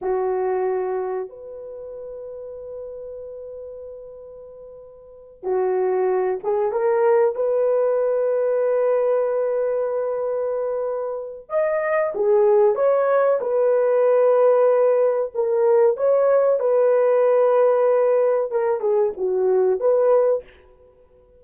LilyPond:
\new Staff \with { instrumentName = "horn" } { \time 4/4 \tempo 4 = 94 fis'2 b'2~ | b'1~ | b'8 fis'4. gis'8 ais'4 b'8~ | b'1~ |
b'2 dis''4 gis'4 | cis''4 b'2. | ais'4 cis''4 b'2~ | b'4 ais'8 gis'8 fis'4 b'4 | }